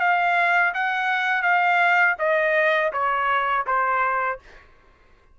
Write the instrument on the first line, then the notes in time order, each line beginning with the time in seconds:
trumpet
0.00 F5
0.74 F#5
1.42 F5
2.19 D#5
2.92 C#5
3.66 C5